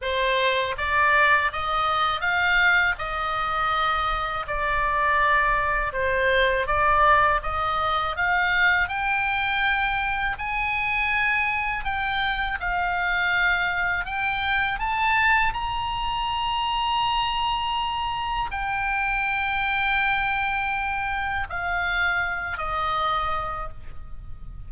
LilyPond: \new Staff \with { instrumentName = "oboe" } { \time 4/4 \tempo 4 = 81 c''4 d''4 dis''4 f''4 | dis''2 d''2 | c''4 d''4 dis''4 f''4 | g''2 gis''2 |
g''4 f''2 g''4 | a''4 ais''2.~ | ais''4 g''2.~ | g''4 f''4. dis''4. | }